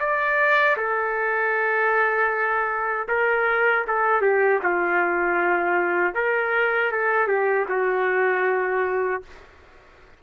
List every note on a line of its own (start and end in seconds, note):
0.00 0.77 D5
0.77 3.08 A4
3.08 3.85 A#4
3.87 4.22 A4
4.22 4.60 G4
4.63 6.15 F4
6.15 6.92 A#4
6.92 7.27 A4
7.27 7.66 G4
7.69 9.23 F#4